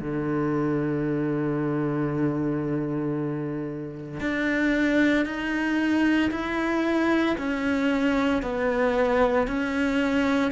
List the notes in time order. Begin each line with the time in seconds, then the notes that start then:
0.00 D3
4.20 D4
5.25 D#4
6.31 E4
7.37 C#4
8.42 B3
9.47 C#4